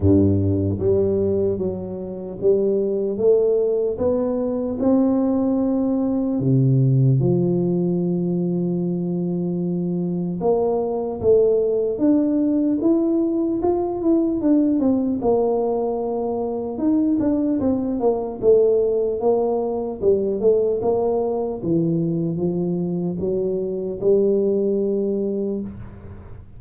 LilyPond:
\new Staff \with { instrumentName = "tuba" } { \time 4/4 \tempo 4 = 75 g,4 g4 fis4 g4 | a4 b4 c'2 | c4 f2.~ | f4 ais4 a4 d'4 |
e'4 f'8 e'8 d'8 c'8 ais4~ | ais4 dis'8 d'8 c'8 ais8 a4 | ais4 g8 a8 ais4 e4 | f4 fis4 g2 | }